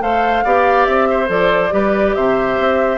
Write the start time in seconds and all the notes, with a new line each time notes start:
0.00 A3 A4 C5 F5
0.44 B3 G4 D5
0.86 C4 E5
1.10 C5
1.27 F3 A4 D5
1.71 G3 G4 B4
2.14 C3 C5 E5
2.59 C4